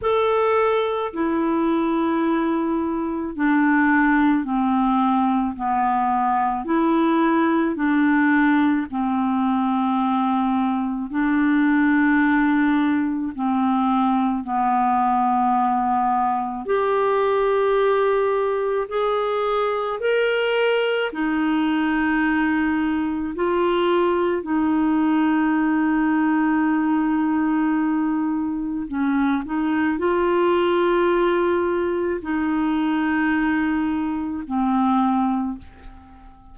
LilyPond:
\new Staff \with { instrumentName = "clarinet" } { \time 4/4 \tempo 4 = 54 a'4 e'2 d'4 | c'4 b4 e'4 d'4 | c'2 d'2 | c'4 b2 g'4~ |
g'4 gis'4 ais'4 dis'4~ | dis'4 f'4 dis'2~ | dis'2 cis'8 dis'8 f'4~ | f'4 dis'2 c'4 | }